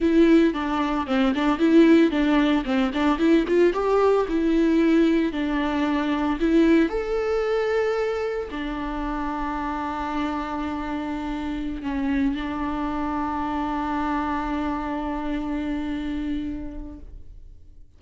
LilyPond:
\new Staff \with { instrumentName = "viola" } { \time 4/4 \tempo 4 = 113 e'4 d'4 c'8 d'8 e'4 | d'4 c'8 d'8 e'8 f'8 g'4 | e'2 d'2 | e'4 a'2. |
d'1~ | d'2~ d'16 cis'4 d'8.~ | d'1~ | d'1 | }